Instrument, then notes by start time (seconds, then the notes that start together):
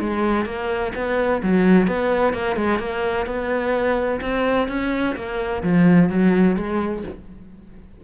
cello
0.00 G#3
0.46 A#3
0.95 B3
1.43 F#3
1.88 B3
2.34 A#3
2.56 G#3
2.79 A#3
3.26 B3
4.21 C4
4.69 C#4
5.16 A#3
5.63 F3
6.09 F#3
6.56 G#3